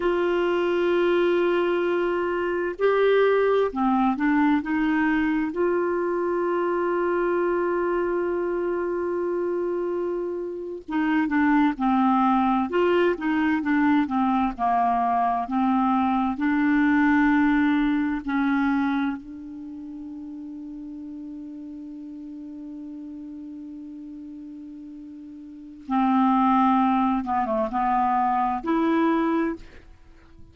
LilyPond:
\new Staff \with { instrumentName = "clarinet" } { \time 4/4 \tempo 4 = 65 f'2. g'4 | c'8 d'8 dis'4 f'2~ | f'2.~ f'8. dis'16~ | dis'16 d'8 c'4 f'8 dis'8 d'8 c'8 ais16~ |
ais8. c'4 d'2 cis'16~ | cis'8. d'2.~ d'16~ | d'1 | c'4. b16 a16 b4 e'4 | }